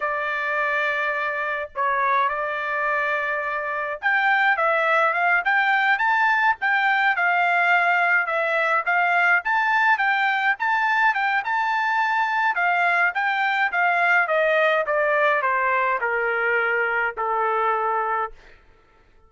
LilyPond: \new Staff \with { instrumentName = "trumpet" } { \time 4/4 \tempo 4 = 105 d''2. cis''4 | d''2. g''4 | e''4 f''8 g''4 a''4 g''8~ | g''8 f''2 e''4 f''8~ |
f''8 a''4 g''4 a''4 g''8 | a''2 f''4 g''4 | f''4 dis''4 d''4 c''4 | ais'2 a'2 | }